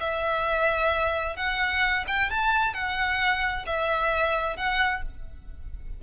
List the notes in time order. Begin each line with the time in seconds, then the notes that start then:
0.00 E5
1.37 F#5
2.08 G5
2.30 A5
2.74 F#5
3.66 E5
4.57 F#5